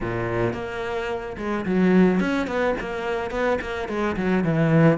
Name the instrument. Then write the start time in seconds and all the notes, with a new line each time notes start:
cello
0.01 A#2
0.53 A#3
1.37 G#3
1.65 F#3
2.20 C#4
2.47 B3
2.80 A#3
3.31 B3
3.61 A#3
3.88 G#3
4.16 F#3
4.44 E3